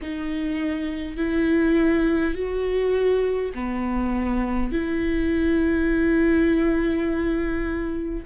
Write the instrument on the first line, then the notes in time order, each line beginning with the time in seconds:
viola
0.01 D#4
1.17 E4
2.34 F#4
3.54 B3
4.72 E4